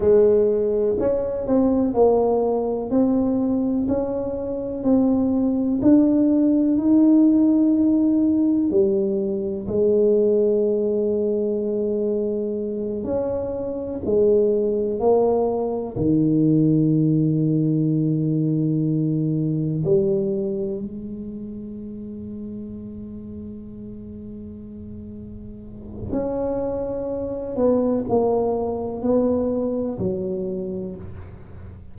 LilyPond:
\new Staff \with { instrumentName = "tuba" } { \time 4/4 \tempo 4 = 62 gis4 cis'8 c'8 ais4 c'4 | cis'4 c'4 d'4 dis'4~ | dis'4 g4 gis2~ | gis4. cis'4 gis4 ais8~ |
ais8 dis2.~ dis8~ | dis8 g4 gis2~ gis8~ | gis2. cis'4~ | cis'8 b8 ais4 b4 fis4 | }